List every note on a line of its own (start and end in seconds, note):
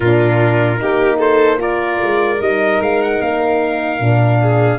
0.00 0.80 A#2
0.00 0.77 D4
0.00 0.78 F4
0.00 1.19 A#4
0.77 2.02 A#3
0.77 1.57 D#4
0.77 1.19 G4
1.19 1.59 A4
1.19 1.60 C5
1.57 2.37 F4
1.57 4.40 A#4
1.57 2.41 D5
2.02 2.40 G#3
2.40 2.80 G3
2.40 4.00 D#4
2.40 2.81 D#5
2.80 3.20 G#3
2.80 3.02 F5
3.02 3.21 F#5
3.21 4.00 A#3
3.21 4.78 F5
4.00 4.78 A#2
4.00 4.78 D4
4.40 4.78 G#4